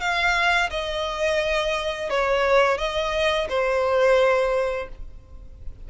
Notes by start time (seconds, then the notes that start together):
0.00 F5
0.70 D#5
2.09 C#5
2.78 D#5
3.49 C5